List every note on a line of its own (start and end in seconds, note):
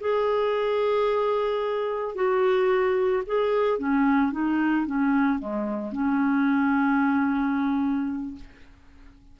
0.00 2.15 G#4
2.15 3.23 F#4
3.26 3.79 G#4
3.79 4.32 C#4
4.32 4.86 D#4
4.86 5.39 C#4
5.39 5.92 G#3
5.92 8.35 C#4